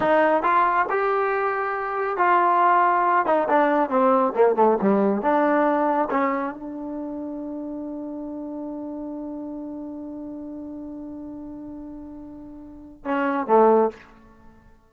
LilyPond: \new Staff \with { instrumentName = "trombone" } { \time 4/4 \tempo 4 = 138 dis'4 f'4 g'2~ | g'4 f'2~ f'8 dis'8 | d'4 c'4 ais8 a8 g4 | d'2 cis'4 d'4~ |
d'1~ | d'1~ | d'1~ | d'2 cis'4 a4 | }